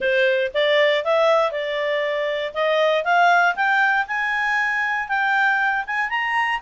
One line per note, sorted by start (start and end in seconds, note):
0.00 0.51 C5
0.54 1.04 D5
1.04 1.51 E5
1.51 2.53 D5
2.54 3.04 D#5
3.04 3.55 F5
3.55 4.06 G5
4.07 5.08 G#5
5.08 5.85 G5
5.86 6.09 G#5
6.09 6.60 A#5